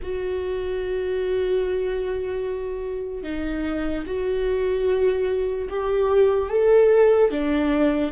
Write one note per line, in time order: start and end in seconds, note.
0.02 3.23 F#4
3.23 4.04 D#4
4.06 5.68 F#4
5.69 6.49 G4
6.49 7.30 A4
7.30 8.12 D4